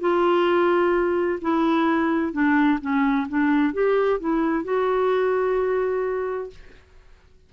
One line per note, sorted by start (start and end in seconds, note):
0.00 1.40 F4
1.41 2.33 E4
2.33 2.79 D4
2.81 3.27 C#4
3.29 3.73 D4
3.73 4.20 G4
4.20 4.64 E4
4.64 6.50 F#4